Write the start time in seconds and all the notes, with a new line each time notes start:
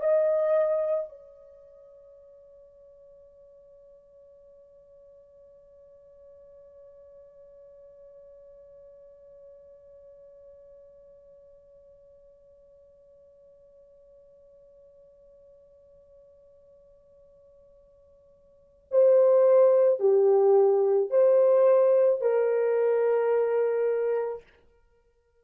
0.00 D#5
1.09 C#5
18.91 C5
19.99 G4
21.10 C5
22.21 A#4